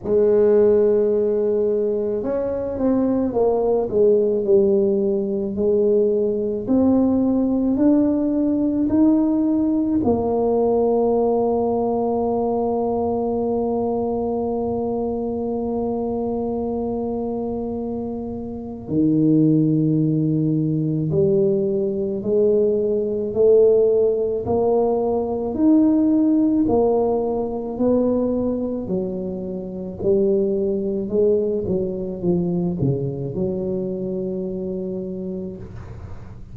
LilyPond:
\new Staff \with { instrumentName = "tuba" } { \time 4/4 \tempo 4 = 54 gis2 cis'8 c'8 ais8 gis8 | g4 gis4 c'4 d'4 | dis'4 ais2.~ | ais1~ |
ais4 dis2 g4 | gis4 a4 ais4 dis'4 | ais4 b4 fis4 g4 | gis8 fis8 f8 cis8 fis2 | }